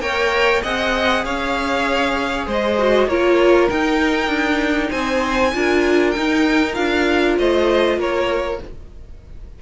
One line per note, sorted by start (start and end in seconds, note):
0.00 0.61 A#3
0.00 0.62 A#4
0.00 0.62 C#5
0.00 0.62 G5
0.62 1.25 C4
0.62 2.78 G#4
0.62 1.24 D#5
0.62 1.25 F#5
1.25 2.47 C#4
1.25 2.47 C#5
1.25 2.47 F5
2.47 3.07 G#3
2.47 3.08 C5
2.47 3.08 D#5
2.79 3.09 F#4
3.07 3.69 A#3
3.07 3.70 F4
3.07 4.90 A#4
3.07 3.69 C#5
3.69 5.53 D#4
3.69 4.28 D#4
3.69 4.91 G5
4.28 4.89 D4
4.90 5.54 C4
4.90 5.51 C5
4.90 6.11 G#5
5.54 6.16 D4
5.54 6.15 F4
5.54 7.39 A#4
6.11 6.74 D#4
6.11 6.78 D#4
6.11 6.72 G5
6.74 7.38 D4
6.74 8.58 F4
6.74 7.36 F5
7.38 7.98 A3
7.38 7.98 C5
7.38 8.00 D#5
7.98 8.59 A#3
7.98 8.60 A#4
7.98 8.62 C#5